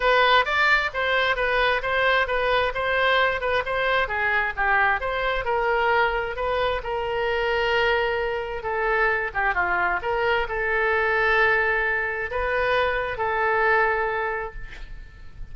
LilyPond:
\new Staff \with { instrumentName = "oboe" } { \time 4/4 \tempo 4 = 132 b'4 d''4 c''4 b'4 | c''4 b'4 c''4. b'8 | c''4 gis'4 g'4 c''4 | ais'2 b'4 ais'4~ |
ais'2. a'4~ | a'8 g'8 f'4 ais'4 a'4~ | a'2. b'4~ | b'4 a'2. | }